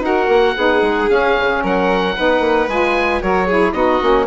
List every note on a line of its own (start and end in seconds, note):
0.00 0.27 D#4
0.00 0.55 F#4
0.00 0.57 A#4
0.00 1.10 F#5
0.28 0.55 A#3
0.56 0.82 B3
0.56 1.09 D#4
0.56 1.62 G#4
0.82 1.08 G#3
1.09 2.15 C#4
1.09 1.37 C#4
1.09 1.63 F5
1.38 1.63 C#3
1.62 2.16 F#3
1.62 2.15 A#4
1.62 2.69 F#5
2.16 2.40 B3
2.16 2.69 D#4
2.16 3.22 B4
2.40 2.66 A#3
2.68 3.21 G#3
2.68 3.21 F4
2.68 3.22 G#5
3.21 3.73 F#3
3.21 3.47 F#4
3.21 3.47 A#4
3.21 3.72 C#5
3.47 3.75 E4
3.47 3.74 G#4
3.72 4.00 B3
3.72 4.01 D#4
3.72 4.27 F#4
3.72 4.25 D#5
4.01 4.27 A#3
4.01 4.27 C#4